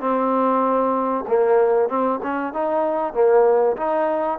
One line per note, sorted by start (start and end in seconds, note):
0.00 1.25 C4
1.28 1.89 A#3
1.89 2.20 C4
2.23 2.53 C#4
2.53 3.14 D#4
3.14 3.76 A#3
3.77 4.39 D#4